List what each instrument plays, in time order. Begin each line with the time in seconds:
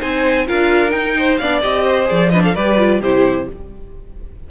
0.00 cello C4, viola D#4, violin C5 G#5
0.47 cello D4, viola F4, violin A#4 F5
0.90 viola D#4, cello D#4, violin G5
1.19 violin C5
1.38 cello B3, viola D4, violin D5 F5
1.62 cello C4, viola G4, violin D#5
1.85 violin C5
2.05 cello F3, viola G#4, violin D5
2.30 viola D4, violin B4 D#5
2.44 violin A4 F5
2.55 cello G3, viola G4, violin B4 D5
2.78 viola F4
3.01 cello C3, viola E4, violin G4 C5